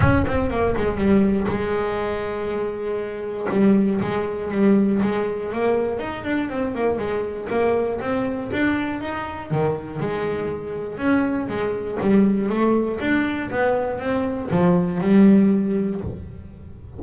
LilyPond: \new Staff \with { instrumentName = "double bass" } { \time 4/4 \tempo 4 = 120 cis'8 c'8 ais8 gis8 g4 gis4~ | gis2. g4 | gis4 g4 gis4 ais4 | dis'8 d'8 c'8 ais8 gis4 ais4 |
c'4 d'4 dis'4 dis4 | gis2 cis'4 gis4 | g4 a4 d'4 b4 | c'4 f4 g2 | }